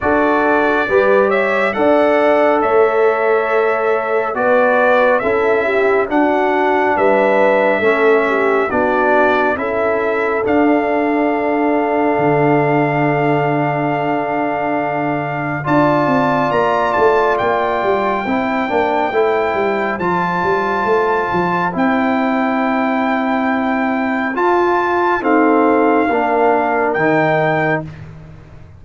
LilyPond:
<<
  \new Staff \with { instrumentName = "trumpet" } { \time 4/4 \tempo 4 = 69 d''4. e''8 fis''4 e''4~ | e''4 d''4 e''4 fis''4 | e''2 d''4 e''4 | f''1~ |
f''2 a''4 ais''8 a''8 | g''2. a''4~ | a''4 g''2. | a''4 f''2 g''4 | }
  \new Staff \with { instrumentName = "horn" } { \time 4/4 a'4 b'8 cis''8 d''4 cis''4~ | cis''4 b'4 a'8 g'8 fis'4 | b'4 a'8 g'8 fis'4 a'4~ | a'1~ |
a'2 d''2~ | d''4 c''2.~ | c''1~ | c''4 a'4 ais'2 | }
  \new Staff \with { instrumentName = "trombone" } { \time 4/4 fis'4 g'4 a'2~ | a'4 fis'4 e'4 d'4~ | d'4 cis'4 d'4 e'4 | d'1~ |
d'2 f'2~ | f'4 e'8 d'8 e'4 f'4~ | f'4 e'2. | f'4 c'4 d'4 dis'4 | }
  \new Staff \with { instrumentName = "tuba" } { \time 4/4 d'4 g4 d'4 a4~ | a4 b4 cis'4 d'4 | g4 a4 b4 cis'4 | d'2 d2~ |
d2 d'8 c'8 ais8 a8 | ais8 g8 c'8 ais8 a8 g8 f8 g8 | a8 f8 c'2. | f'4 dis'4 ais4 dis4 | }
>>